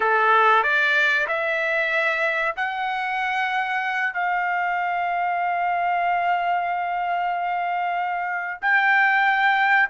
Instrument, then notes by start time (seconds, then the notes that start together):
trumpet
0.00 A4
0.63 D5
1.27 E5
2.56 F#5
4.13 F5
8.61 G5